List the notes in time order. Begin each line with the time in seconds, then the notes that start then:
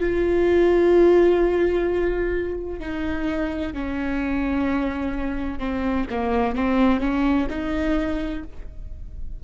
0.00 F4
2.80 D#4
3.73 C#4
5.59 C4
6.10 A#3
6.55 C4
7.00 C#4
7.50 D#4